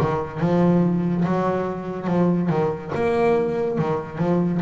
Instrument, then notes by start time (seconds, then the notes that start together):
double bass
0.00 D#3
0.40 F3
1.25 F#3
2.07 F3
2.49 D#3
2.95 A#3
3.78 D#3
4.18 F3